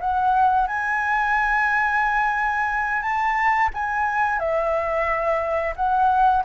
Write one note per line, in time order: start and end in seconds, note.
0.00 0.67 F#5
0.67 3.02 G#5
3.02 3.69 A5
3.74 4.39 G#5
4.39 5.74 E5
5.76 6.43 F#5